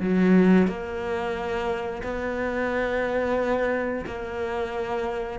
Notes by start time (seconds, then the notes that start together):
0.00 F#3
0.67 A#3
2.03 B3
4.06 A#3